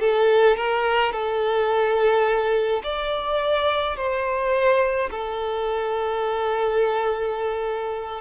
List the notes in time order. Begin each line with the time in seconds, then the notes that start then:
0.00 A4
0.57 A#4
1.12 A4
2.84 D5
3.96 C5
5.10 A4